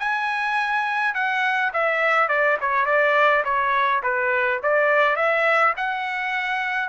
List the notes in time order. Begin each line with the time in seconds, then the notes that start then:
0.00 G#5
1.15 F#5
1.74 E5
2.29 D5
2.61 C#5
2.86 D5
3.45 C#5
4.03 B4
4.63 D5
5.17 E5
5.77 F#5